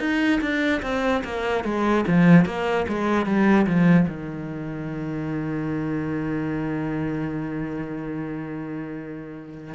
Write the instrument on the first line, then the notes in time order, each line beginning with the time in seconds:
cello
0.00 D#4
0.41 D4
0.83 C4
1.24 A#3
1.64 G#3
2.07 F3
2.46 A#3
2.89 G#3
3.26 G3
3.67 F3
4.08 D#3